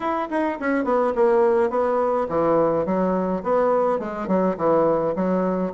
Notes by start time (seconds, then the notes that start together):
0.00 E4
0.29 D#4
0.60 C#4
0.84 B3
1.15 A#3
1.70 B3
2.28 E3
2.85 F#3
3.43 B3
3.99 G#3
4.27 F#3
4.57 E3
5.15 F#3